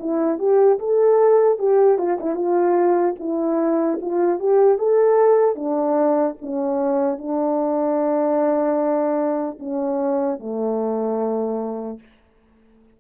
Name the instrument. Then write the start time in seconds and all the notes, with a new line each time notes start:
horn
0.00 E4
0.39 G4
0.79 A4
1.59 G4
1.99 F4
2.20 E4
2.35 F4
3.20 E4
4.02 F4
4.40 G4
4.78 A4
5.56 D4
6.42 C#4
7.19 D4
9.60 C#4
10.40 A3